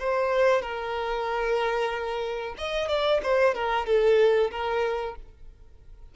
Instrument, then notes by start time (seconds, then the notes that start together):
violin
0.00 C5
0.62 A#4
2.58 D#5
2.89 D5
3.24 C5
3.55 A#4
3.87 A4
4.52 A#4